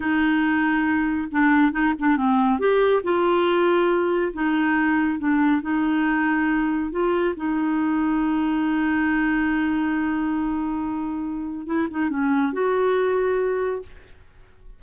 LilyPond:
\new Staff \with { instrumentName = "clarinet" } { \time 4/4 \tempo 4 = 139 dis'2. d'4 | dis'8 d'8 c'4 g'4 f'4~ | f'2 dis'2 | d'4 dis'2. |
f'4 dis'2.~ | dis'1~ | dis'2. e'8 dis'8 | cis'4 fis'2. | }